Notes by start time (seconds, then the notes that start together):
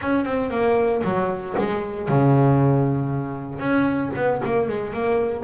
0.01 C#4
0.24 C4
0.50 A#3
1.03 F#3
1.58 G#3
2.08 C#3
3.59 C#4
4.15 B3
4.44 A#3
4.68 G#3
4.93 A#3